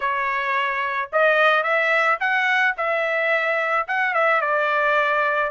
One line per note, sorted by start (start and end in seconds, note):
0.00 1.10 C#5
1.12 1.63 D#5
1.63 2.18 E5
2.19 2.74 F#5
2.77 3.87 E5
3.87 4.14 F#5
4.14 4.41 E5
4.41 5.51 D5